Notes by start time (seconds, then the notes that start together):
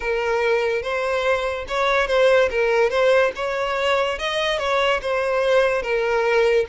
0.00 A#4
0.82 C5
1.68 C#5
2.07 C5
2.50 A#4
2.89 C5
3.35 C#5
4.19 D#5
4.58 C#5
5.01 C5
5.82 A#4